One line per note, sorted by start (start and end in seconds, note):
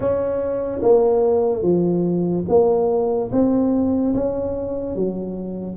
0.00 0.81 C#4
0.82 1.62 A#3
1.62 2.44 F3
2.48 3.30 A#3
3.31 4.14 C4
4.14 4.95 C#4
4.95 5.76 F#3